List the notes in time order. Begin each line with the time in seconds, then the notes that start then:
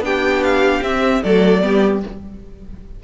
0.00 B3 D4 G4 G5
0.44 F5
0.82 C4 E5
1.23 F#3 A3 A4 D5
1.62 G3 B3 G4